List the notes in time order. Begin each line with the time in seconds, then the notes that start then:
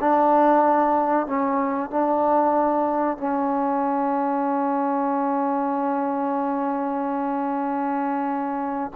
0.00 D4
1.26 C#4
1.90 D4
3.17 C#4